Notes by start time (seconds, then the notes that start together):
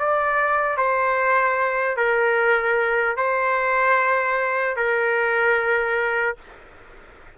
0.00 D5
0.78 C5
1.97 A#4
3.17 C5
4.77 A#4